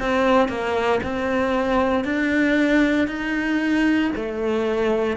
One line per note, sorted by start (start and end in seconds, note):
0.00 0.49 C4
0.49 1.01 A#3
1.04 2.05 C4
2.05 3.08 D4
3.08 4.11 D#4
4.16 5.17 A3